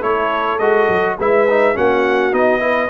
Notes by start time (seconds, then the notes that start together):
0.00 A3 E4 A4 C#5
0.59 G#3 F#4 D#5
0.89 F#3
1.19 G#3 E4 B4 E5
1.50 D#4
1.75 A#3 C#4 F#4 F#5
2.33 B3 D#4 D#5
2.60 E4 B4